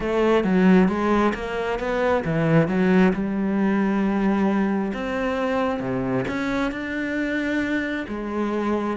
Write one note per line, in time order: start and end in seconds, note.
0.00 0.44 A3
0.44 0.88 F#3
0.88 1.33 G#3
1.34 1.79 A#3
1.79 2.24 B3
2.24 2.68 E3
2.68 3.12 F#3
3.13 4.92 G3
4.93 5.80 C4
5.80 6.24 C3
6.27 6.71 C#4
6.71 8.05 D4
8.08 8.97 G#3